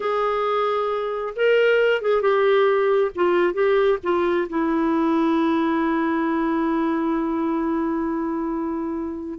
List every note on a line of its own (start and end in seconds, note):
0.00 1.34 G#4
1.36 2.01 A#4
2.01 2.21 G#4
2.21 3.11 G4
3.15 3.53 F4
3.53 3.98 G4
4.03 4.48 F4
4.49 9.39 E4